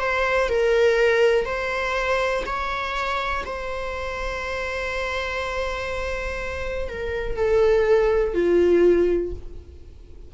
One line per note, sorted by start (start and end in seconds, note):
0.00 0.49 C5
0.49 1.46 A#4
1.46 2.44 C5
2.46 3.45 C#5
3.46 6.89 C5
6.89 7.37 A#4
7.37 8.35 A4
8.35 9.33 F4